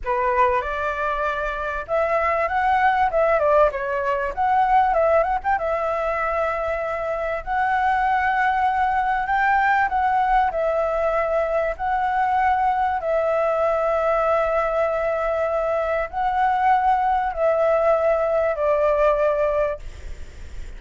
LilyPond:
\new Staff \with { instrumentName = "flute" } { \time 4/4 \tempo 4 = 97 b'4 d''2 e''4 | fis''4 e''8 d''8 cis''4 fis''4 | e''8 fis''16 g''16 e''2. | fis''2. g''4 |
fis''4 e''2 fis''4~ | fis''4 e''2.~ | e''2 fis''2 | e''2 d''2 | }